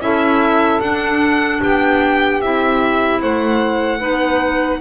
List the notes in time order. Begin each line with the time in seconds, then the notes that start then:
0.00 C#4 E4 A4 E5
0.81 D4 F#5
1.61 B3 G4 G5
2.41 C4 E4 E5
3.21 A3 C5 F#5
3.99 B3 D#4 B4